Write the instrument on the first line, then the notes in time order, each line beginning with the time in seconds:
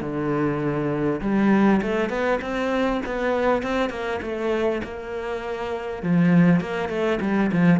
cello
0.00 D3
1.21 G3
1.81 A3
2.09 B3
2.41 C4
3.05 B3
3.62 C4
3.89 A#3
4.21 A3
4.84 A#3
6.02 F3
6.60 A#3
6.89 A3
7.21 G3
7.52 F3